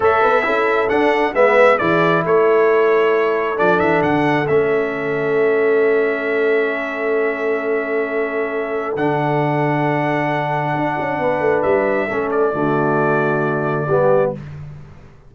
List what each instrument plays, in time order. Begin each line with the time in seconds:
0.00 tuba A3, trombone A4, horn C#5, trumpet E5
0.22 tuba B3, horn B4
0.42 tuba C#4, trombone E4, horn A4
0.88 trombone D4, tuba D4, trumpet F#5
1.33 tuba G#3, trombone B3, horn B4, trumpet E5
1.78 tuba E3, trombone E4, horn G#4, trumpet D5
2.24 tuba A3, horn A4, trumpet C#5
3.56 tuba F3, trombone D4, trumpet D5
3.79 tuba E3, trumpet E5
4.02 tuba D3, trumpet F#5
4.47 tuba A3, trombone C#4, trumpet E5
8.95 tuba D3, trombone D4, trumpet F#5
10.75 tuba D4
10.99 tuba C#4
11.18 tuba B3, horn B4
11.40 tuba A3
11.62 tuba G3, trumpet E5
12.07 tuba A3, trombone C#4, horn A4
12.31 trumpet D5
12.53 tuba D3, trombone A3, horn F#4
13.86 tuba G3, trombone B3, horn G4